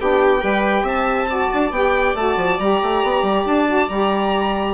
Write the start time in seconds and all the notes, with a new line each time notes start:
0.00 B3 D4 G4 G5
0.40 G3 G4 B4
0.83 C4 E5 A5
1.28 F#4 D5
1.53 D4
1.71 B3 G4 G5
2.14 A3 F#4 A5
2.37 F3
2.59 G3 G4 A#5
2.82 A3
3.03 B3
3.22 G3
3.45 D4 A5
3.67 F#4
3.89 G3 G4 A#5